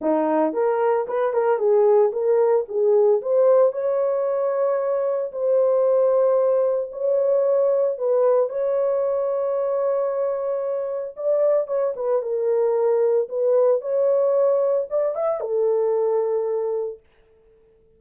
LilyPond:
\new Staff \with { instrumentName = "horn" } { \time 4/4 \tempo 4 = 113 dis'4 ais'4 b'8 ais'8 gis'4 | ais'4 gis'4 c''4 cis''4~ | cis''2 c''2~ | c''4 cis''2 b'4 |
cis''1~ | cis''4 d''4 cis''8 b'8 ais'4~ | ais'4 b'4 cis''2 | d''8 e''8 a'2. | }